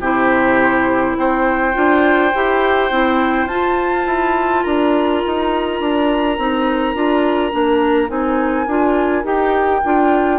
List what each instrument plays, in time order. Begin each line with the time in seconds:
0.00 bassoon C3, clarinet E4, oboe G4, flute C5
1.17 bassoon C4, oboe C5, flute G5
1.74 bassoon D4, clarinet F4
2.34 bassoon E4, clarinet G4
2.91 bassoon C4, clarinet E4
3.46 bassoon F4, clarinet F4, flute A5
4.07 bassoon E4
4.63 bassoon D4, oboe A#4, flute A#5
5.27 bassoon D#4
5.81 bassoon D4
6.38 bassoon C4, clarinet D#4
6.95 bassoon D4, clarinet F4
7.52 bassoon A#3, clarinet D4
8.08 bassoon C4, clarinet D#4, flute G#5
8.67 bassoon D4, clarinet F4
9.24 bassoon D#4, clarinet G4, flute G5
9.85 bassoon D4, clarinet F4